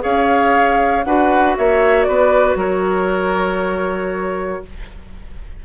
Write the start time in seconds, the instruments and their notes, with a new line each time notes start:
0.00 bassoon C#4, clarinet G#4, oboe C#5, flute F5
1.04 bassoon D4, clarinet F#4, oboe B4, flute F#5
1.57 bassoon A#3, oboe C#5, flute E5
2.03 bassoon B3, oboe B4, flute D5
2.55 bassoon F#3, oboe A#4, flute C#5